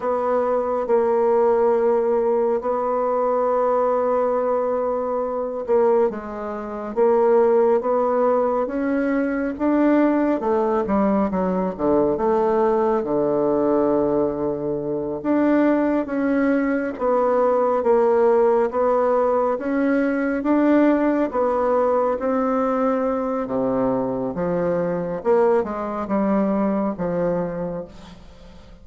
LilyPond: \new Staff \with { instrumentName = "bassoon" } { \time 4/4 \tempo 4 = 69 b4 ais2 b4~ | b2~ b8 ais8 gis4 | ais4 b4 cis'4 d'4 | a8 g8 fis8 d8 a4 d4~ |
d4. d'4 cis'4 b8~ | b8 ais4 b4 cis'4 d'8~ | d'8 b4 c'4. c4 | f4 ais8 gis8 g4 f4 | }